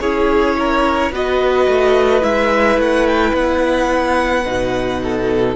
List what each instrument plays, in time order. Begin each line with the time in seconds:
0.00 cello C#4, viola E4, violin G#4 C#5
0.58 violin A#4
1.11 cello B3, viola F#4, violin B4 D#5
1.67 cello A3
2.20 cello G#3, viola E4, violin E5
2.77 cello A3, violin F#5
3.07 violin G5
3.33 cello B3, violin F#5
4.45 cello B2, viola D#4
5.03 violin A4